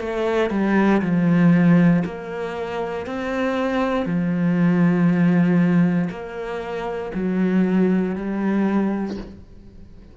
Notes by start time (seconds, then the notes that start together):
0.00 A3
0.51 G3
1.02 F3
2.05 A#3
3.06 C4
4.06 F3
6.11 A#3
7.15 F#3
8.16 G3